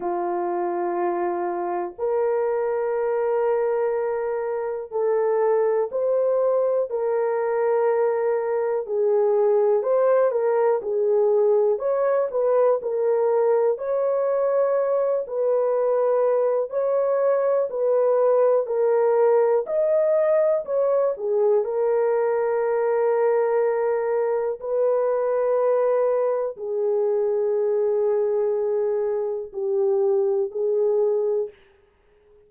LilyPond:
\new Staff \with { instrumentName = "horn" } { \time 4/4 \tempo 4 = 61 f'2 ais'2~ | ais'4 a'4 c''4 ais'4~ | ais'4 gis'4 c''8 ais'8 gis'4 | cis''8 b'8 ais'4 cis''4. b'8~ |
b'4 cis''4 b'4 ais'4 | dis''4 cis''8 gis'8 ais'2~ | ais'4 b'2 gis'4~ | gis'2 g'4 gis'4 | }